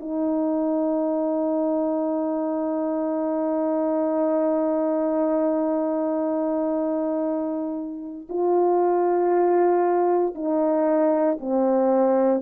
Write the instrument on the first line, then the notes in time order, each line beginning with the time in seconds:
horn
0.00 D#4
8.29 F4
10.34 D#4
11.39 C4